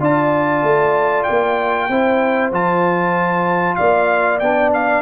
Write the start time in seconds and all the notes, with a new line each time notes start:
0.00 D4 F4 D5 A5
0.62 A3
1.23 G5
1.29 A#3
1.89 C4 E4 C5
2.51 F3 F4 A5
3.76 A#3 D5 F5
4.39 B3 D4 G5
4.73 F5